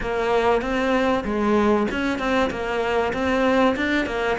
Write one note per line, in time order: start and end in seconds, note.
0.01 0.61 A#3
0.61 1.24 C4
1.24 1.87 G#3
1.91 2.18 C#4
2.18 2.49 C4
2.50 3.12 A#3
3.13 3.75 C4
3.76 4.06 D4
4.06 4.37 A#3